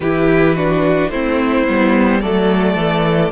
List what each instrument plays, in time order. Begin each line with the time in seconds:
0.00 cello E3, viola E4, violin G4 B4
0.55 viola D4, violin F#4
1.09 cello A3, viola C4, violin E4 C5
1.67 cello G3, viola B3
2.20 cello F#3, viola A3, violin A4 D5
2.75 cello E3